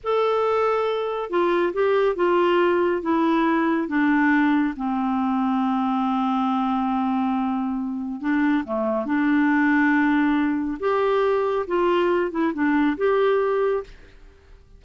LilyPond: \new Staff \with { instrumentName = "clarinet" } { \time 4/4 \tempo 4 = 139 a'2. f'4 | g'4 f'2 e'4~ | e'4 d'2 c'4~ | c'1~ |
c'2. d'4 | a4 d'2.~ | d'4 g'2 f'4~ | f'8 e'8 d'4 g'2 | }